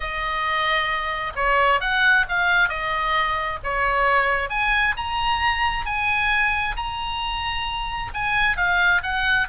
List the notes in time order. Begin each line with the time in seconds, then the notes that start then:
0.00 D#5
1.35 C#5
1.80 F#5
2.28 F5
2.68 D#5
3.63 C#5
4.49 G#5
4.96 A#5
5.85 G#5
6.76 A#5
8.13 G#5
8.57 F5
9.02 F#5